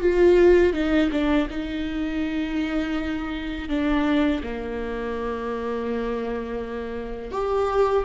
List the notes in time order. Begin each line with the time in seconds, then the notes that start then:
0.00 F4
0.73 D#4
1.11 D4
1.50 D#4
3.69 D4
4.43 A#3
7.31 G4